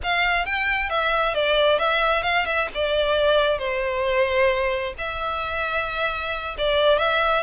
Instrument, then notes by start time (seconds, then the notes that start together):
violin
0.03 F5
0.45 G5
0.89 E5
1.34 D5
1.79 E5
2.22 F5
2.45 E5
2.74 D5
3.58 C5
4.97 E5
6.58 D5
6.98 E5